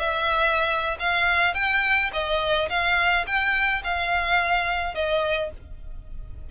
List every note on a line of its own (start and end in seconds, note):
0.00 0.98 E5
1.00 1.55 F5
1.55 2.11 G5
2.14 2.70 D#5
2.70 3.26 F5
3.27 3.83 G5
3.84 4.95 F5
4.95 5.51 D#5